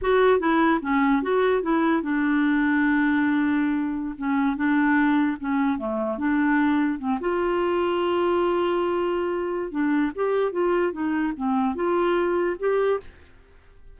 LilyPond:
\new Staff \with { instrumentName = "clarinet" } { \time 4/4 \tempo 4 = 148 fis'4 e'4 cis'4 fis'4 | e'4 d'2.~ | d'2~ d'16 cis'4 d'8.~ | d'4~ d'16 cis'4 a4 d'8.~ |
d'4~ d'16 c'8 f'2~ f'16~ | f'1 | d'4 g'4 f'4 dis'4 | c'4 f'2 g'4 | }